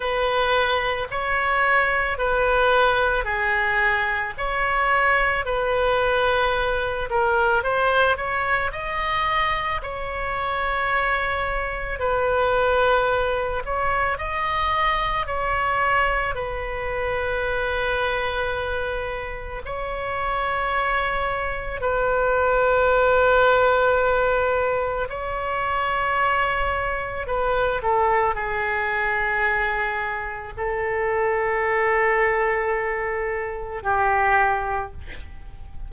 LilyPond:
\new Staff \with { instrumentName = "oboe" } { \time 4/4 \tempo 4 = 55 b'4 cis''4 b'4 gis'4 | cis''4 b'4. ais'8 c''8 cis''8 | dis''4 cis''2 b'4~ | b'8 cis''8 dis''4 cis''4 b'4~ |
b'2 cis''2 | b'2. cis''4~ | cis''4 b'8 a'8 gis'2 | a'2. g'4 | }